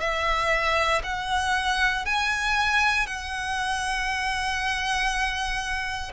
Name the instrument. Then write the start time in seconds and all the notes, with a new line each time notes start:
violin
0.00 E5
1.03 F#5
2.05 G#5
3.06 F#5